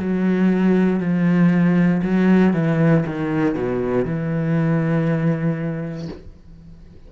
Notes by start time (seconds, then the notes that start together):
0.00 F#3
1.00 F3
2.03 F#3
2.54 E3
3.06 D#3
3.56 B2
4.05 E3